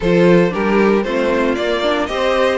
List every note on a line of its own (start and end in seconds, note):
0.00 0.53 F3
0.00 0.50 F4
0.00 0.52 A4
0.00 0.53 C5
0.50 1.05 G3
0.50 1.02 D4
0.50 1.05 G4
0.50 1.03 A#4
1.03 1.57 A3
1.03 1.57 C4
1.03 2.09 F4
1.03 1.54 C5
1.54 2.09 A#3
1.54 1.82 A#3
1.54 2.06 D5
1.82 2.08 D4
2.06 2.58 C4
2.06 2.58 G4
2.06 2.58 C5
2.06 2.58 D#5